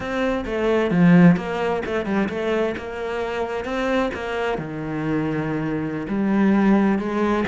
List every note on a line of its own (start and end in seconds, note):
0.00 0.44 C4
0.45 0.90 A3
0.90 1.36 F3
1.36 1.82 A#3
1.85 2.05 A3
2.05 2.28 G3
2.29 2.75 A3
2.77 3.64 A#3
3.64 4.10 C4
4.14 4.58 A#3
4.58 6.06 D#3
6.08 6.98 G3
6.98 7.44 G#3